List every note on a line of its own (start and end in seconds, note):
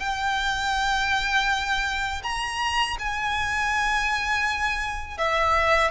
0.00 2.22 G5
2.23 2.97 A#5
2.99 5.18 G#5
5.18 5.91 E5